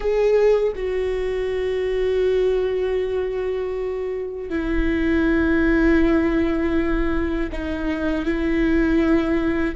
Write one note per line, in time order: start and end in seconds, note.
0.00 0.73 G#4
0.75 4.49 F#4
4.49 7.49 E4
7.51 8.25 D#4
8.25 9.75 E4